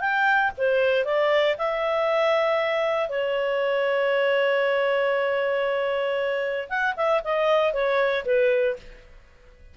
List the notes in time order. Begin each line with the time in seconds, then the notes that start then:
0.00 G5
0.57 C5
1.05 D5
1.58 E5
3.09 C#5
6.69 F#5
6.96 E5
7.24 D#5
7.73 C#5
8.25 B4